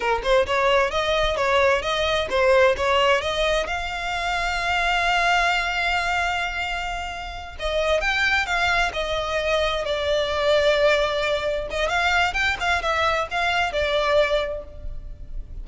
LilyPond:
\new Staff \with { instrumentName = "violin" } { \time 4/4 \tempo 4 = 131 ais'8 c''8 cis''4 dis''4 cis''4 | dis''4 c''4 cis''4 dis''4 | f''1~ | f''1~ |
f''8 dis''4 g''4 f''4 dis''8~ | dis''4. d''2~ d''8~ | d''4. dis''8 f''4 g''8 f''8 | e''4 f''4 d''2 | }